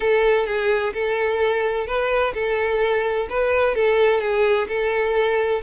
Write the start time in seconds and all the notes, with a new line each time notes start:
0.00 A4
0.46 G#4
0.93 A4
1.86 B4
2.34 A4
3.29 B4
3.74 A4
4.21 G#4
4.67 A4